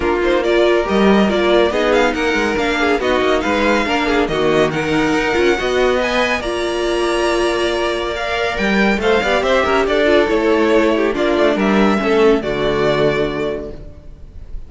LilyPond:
<<
  \new Staff \with { instrumentName = "violin" } { \time 4/4 \tempo 4 = 140 ais'8 c''8 d''4 dis''4 d''4 | dis''8 f''8 fis''4 f''4 dis''4 | f''2 dis''4 fis''4~ | fis''2 gis''4 ais''4~ |
ais''2. f''4 | g''4 f''4 e''4 d''4 | cis''2 d''4 e''4~ | e''4 d''2. | }
  \new Staff \with { instrumentName = "violin" } { \time 4/4 f'4 ais'2. | gis'4 ais'4. gis'8 fis'4 | b'4 ais'8 gis'8 fis'4 ais'4~ | ais'4 dis''2 d''4~ |
d''1~ | d''4 c''8 d''8 c''8 ais'8 a'4~ | a'4. g'8 f'4 ais'4 | a'4 fis'2. | }
  \new Staff \with { instrumentName = "viola" } { \time 4/4 d'8 dis'8 f'4 g'4 f'4 | dis'2 d'4 dis'4~ | dis'4 d'4 ais4 dis'4~ | dis'8 f'8 fis'4 b'4 f'4~ |
f'2. ais'4~ | ais'4 a'8 g'2 f'8 | e'2 d'2 | cis'4 a2. | }
  \new Staff \with { instrumentName = "cello" } { \time 4/4 ais2 g4 ais4 | b4 ais8 gis8 ais4 b8 ais8 | gis4 ais4 dis2 | dis'8 cis'8 b2 ais4~ |
ais1 | g4 a8 b8 c'8 cis'8 d'4 | a2 ais8 a8 g4 | a4 d2. | }
>>